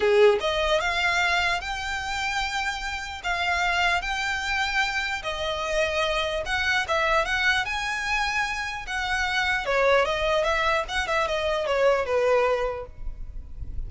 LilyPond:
\new Staff \with { instrumentName = "violin" } { \time 4/4 \tempo 4 = 149 gis'4 dis''4 f''2 | g''1 | f''2 g''2~ | g''4 dis''2. |
fis''4 e''4 fis''4 gis''4~ | gis''2 fis''2 | cis''4 dis''4 e''4 fis''8 e''8 | dis''4 cis''4 b'2 | }